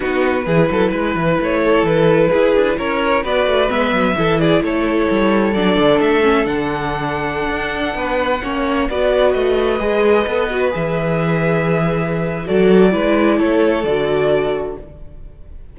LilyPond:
<<
  \new Staff \with { instrumentName = "violin" } { \time 4/4 \tempo 4 = 130 b'2. cis''4 | b'2 cis''4 d''4 | e''4. d''8 cis''2 | d''4 e''4 fis''2~ |
fis''2.~ fis''16 d''8.~ | d''16 dis''2. e''8.~ | e''2. d''4~ | d''4 cis''4 d''2 | }
  \new Staff \with { instrumentName = "violin" } { \time 4/4 fis'4 gis'8 a'8 b'4. a'8~ | a'4 gis'4 ais'4 b'4~ | b'4 a'8 gis'8 a'2~ | a'1~ |
a'4~ a'16 b'4 cis''4 b'8.~ | b'1~ | b'2. a'4 | b'4 a'2. | }
  \new Staff \with { instrumentName = "viola" } { \time 4/4 dis'4 e'2.~ | e'2. fis'4 | b4 e'2. | d'4. cis'8 d'2~ |
d'2~ d'16 cis'4 fis'8.~ | fis'4~ fis'16 gis'4 a'8 fis'8 gis'8.~ | gis'2. fis'4 | e'2 fis'2 | }
  \new Staff \with { instrumentName = "cello" } { \time 4/4 b4 e8 fis8 gis8 e8 a4 | e4 e'8 d'8 cis'4 b8 a8 | gis8 fis8 e4 a4 g4 | fis8 d8 a4 d2~ |
d16 d'4 b4 ais4 b8.~ | b16 a4 gis4 b4 e8.~ | e2. fis4 | gis4 a4 d2 | }
>>